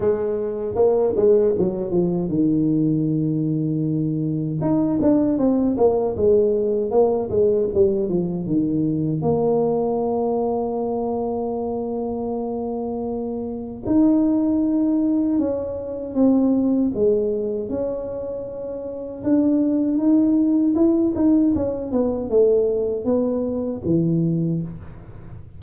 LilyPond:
\new Staff \with { instrumentName = "tuba" } { \time 4/4 \tempo 4 = 78 gis4 ais8 gis8 fis8 f8 dis4~ | dis2 dis'8 d'8 c'8 ais8 | gis4 ais8 gis8 g8 f8 dis4 | ais1~ |
ais2 dis'2 | cis'4 c'4 gis4 cis'4~ | cis'4 d'4 dis'4 e'8 dis'8 | cis'8 b8 a4 b4 e4 | }